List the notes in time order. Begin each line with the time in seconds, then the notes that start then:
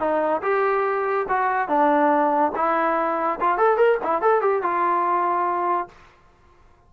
0.00 D#4
0.43 G4
1.29 F#4
1.69 D4
2.56 E4
3.41 F4
3.58 A4
3.78 A#4
4.04 E4
4.22 A4
4.42 G4
4.63 F4